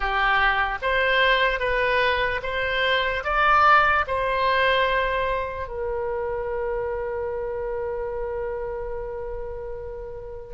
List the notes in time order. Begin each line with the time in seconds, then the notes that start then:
0.00 G4
0.82 C5
1.59 B4
2.42 C5
3.24 D5
4.07 C5
5.68 A#4